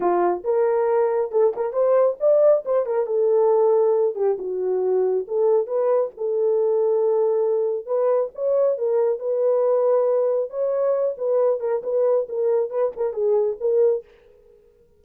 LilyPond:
\new Staff \with { instrumentName = "horn" } { \time 4/4 \tempo 4 = 137 f'4 ais'2 a'8 ais'8 | c''4 d''4 c''8 ais'8 a'4~ | a'4. g'8 fis'2 | a'4 b'4 a'2~ |
a'2 b'4 cis''4 | ais'4 b'2. | cis''4. b'4 ais'8 b'4 | ais'4 b'8 ais'8 gis'4 ais'4 | }